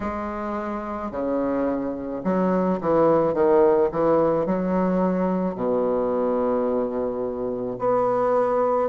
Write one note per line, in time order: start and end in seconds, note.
0.00 1.11 G#3
1.11 2.22 C#3
2.24 2.79 F#3
2.80 3.33 E3
3.33 3.89 D#3
3.91 4.45 E3
4.45 5.55 F#3
5.55 7.77 B2
7.78 8.89 B3